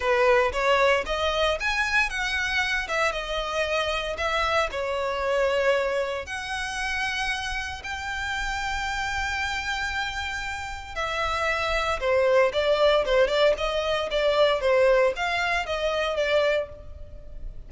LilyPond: \new Staff \with { instrumentName = "violin" } { \time 4/4 \tempo 4 = 115 b'4 cis''4 dis''4 gis''4 | fis''4. e''8 dis''2 | e''4 cis''2. | fis''2. g''4~ |
g''1~ | g''4 e''2 c''4 | d''4 c''8 d''8 dis''4 d''4 | c''4 f''4 dis''4 d''4 | }